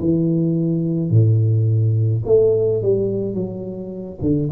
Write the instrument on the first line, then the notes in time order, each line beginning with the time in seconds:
tuba
0.00 E3
1.11 A2
2.25 A3
2.83 G3
3.34 F#3
4.21 D3